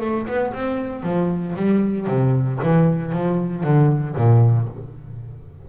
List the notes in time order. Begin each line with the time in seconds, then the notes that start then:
0.00 A3
0.27 B3
0.53 C4
1.02 F3
1.56 G3
2.07 C3
2.63 E3
3.12 F3
3.63 D3
4.16 A#2